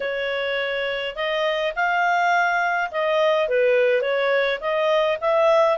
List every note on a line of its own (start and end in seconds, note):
0.00 1.15 C#5
1.15 1.73 D#5
1.75 2.91 F5
2.91 3.48 D#5
3.48 4.01 B4
4.01 4.59 C#5
4.60 5.18 D#5
5.21 5.78 E5